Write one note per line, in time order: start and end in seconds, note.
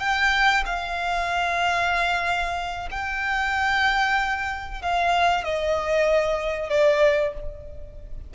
0.00 0.64 G5
0.66 2.89 F5
2.92 4.82 G5
4.82 5.45 F5
5.45 6.70 D#5
6.70 7.34 D5